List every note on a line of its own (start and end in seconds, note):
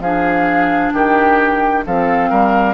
0.00 0.91 F3
0.00 1.87 D4
0.00 0.94 G#4
0.00 0.92 F5
0.94 1.85 D#3
0.94 1.85 G4
0.94 1.85 G5
1.87 2.31 F3
1.87 2.75 C4
1.87 2.30 A4
1.87 2.75 F5
2.30 2.75 G3
2.30 2.75 A#4